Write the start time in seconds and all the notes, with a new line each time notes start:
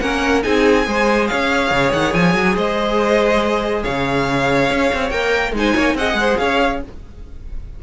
0.00 A#3 C#4 A#4 F#5
0.43 C4 D#4 G#4 G#5
0.85 G#3 G#4 C5
1.28 C#4 C#5 F5
1.71 C#3
1.93 D#3 F#5
2.13 F3 G#5
2.35 F#3
2.55 G#3 C5 D#5
3.83 C#3 C#5 F5
4.70 C#4
4.94 C4
5.10 A#3 A#4 G5
5.53 G#3 D#4 G#5
5.59 C5
5.75 A#3 C#5
5.95 C4 G#4 D#5 F#5
6.14 G#3
6.20 C5
6.38 C#4 C#5 F5